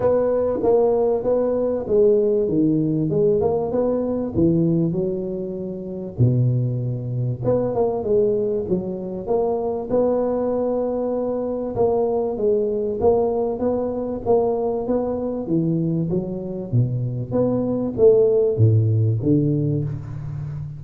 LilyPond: \new Staff \with { instrumentName = "tuba" } { \time 4/4 \tempo 4 = 97 b4 ais4 b4 gis4 | dis4 gis8 ais8 b4 e4 | fis2 b,2 | b8 ais8 gis4 fis4 ais4 |
b2. ais4 | gis4 ais4 b4 ais4 | b4 e4 fis4 b,4 | b4 a4 a,4 d4 | }